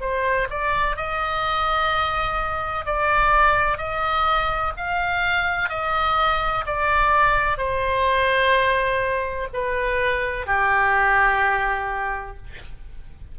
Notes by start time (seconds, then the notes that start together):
0.00 C5
0.50 D5
0.96 D#5
2.85 D5
3.77 D#5
4.77 F5
5.69 D#5
6.66 D5
7.57 C5
9.53 B4
10.46 G4